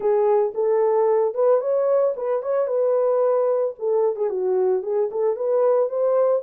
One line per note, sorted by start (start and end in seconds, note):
0.00 0.53 G#4
0.54 1.34 A4
1.34 1.60 B4
1.60 2.14 C#5
2.16 2.42 B4
2.42 2.67 C#5
2.67 3.74 B4
3.78 4.16 A4
4.16 4.29 G#4
4.29 4.82 F#4
4.82 5.09 G#4
5.11 5.36 A4
5.36 5.89 B4
5.89 6.42 C5